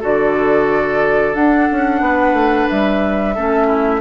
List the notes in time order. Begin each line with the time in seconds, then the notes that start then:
0.00 D3 F#4 A4 D5
1.34 D4 F#5
1.71 C#4
2.00 B3 B4
2.33 A3
2.69 G3 E5
3.34 A3 C#4 A4
3.66 E4